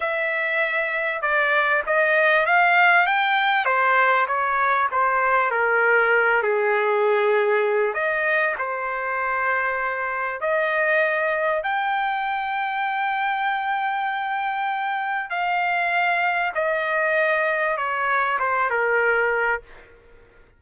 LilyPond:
\new Staff \with { instrumentName = "trumpet" } { \time 4/4 \tempo 4 = 98 e''2 d''4 dis''4 | f''4 g''4 c''4 cis''4 | c''4 ais'4. gis'4.~ | gis'4 dis''4 c''2~ |
c''4 dis''2 g''4~ | g''1~ | g''4 f''2 dis''4~ | dis''4 cis''4 c''8 ais'4. | }